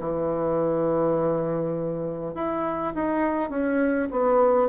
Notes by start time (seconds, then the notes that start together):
0.00 E3
2.35 E4
2.95 D#4
3.50 C#4
4.11 B3